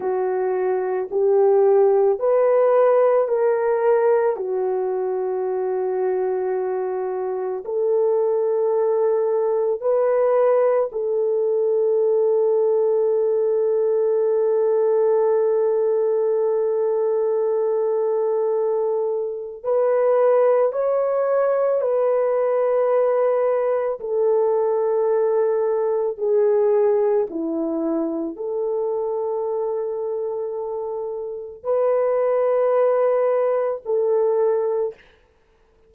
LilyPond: \new Staff \with { instrumentName = "horn" } { \time 4/4 \tempo 4 = 55 fis'4 g'4 b'4 ais'4 | fis'2. a'4~ | a'4 b'4 a'2~ | a'1~ |
a'2 b'4 cis''4 | b'2 a'2 | gis'4 e'4 a'2~ | a'4 b'2 a'4 | }